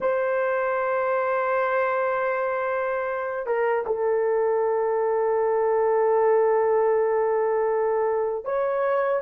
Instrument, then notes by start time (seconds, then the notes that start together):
horn
0.00 C5
3.46 A#4
3.86 A4
8.44 C#5